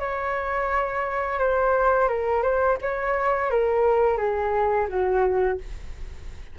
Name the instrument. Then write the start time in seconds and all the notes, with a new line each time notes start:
flute
0.00 C#5
1.40 C5
2.09 A#4
2.43 C5
2.82 C#5
3.51 A#4
4.18 G#4
4.89 F#4